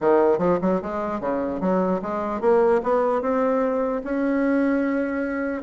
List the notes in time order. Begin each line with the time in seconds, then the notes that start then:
0.00 D#3
0.38 F3
0.61 F#3
0.82 G#3
1.20 C#3
1.60 F#3
2.02 G#3
2.41 A#3
2.83 B3
3.21 C4
4.04 C#4